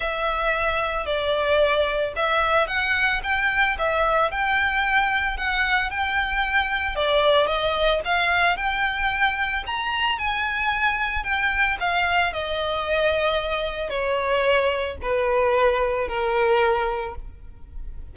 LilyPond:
\new Staff \with { instrumentName = "violin" } { \time 4/4 \tempo 4 = 112 e''2 d''2 | e''4 fis''4 g''4 e''4 | g''2 fis''4 g''4~ | g''4 d''4 dis''4 f''4 |
g''2 ais''4 gis''4~ | gis''4 g''4 f''4 dis''4~ | dis''2 cis''2 | b'2 ais'2 | }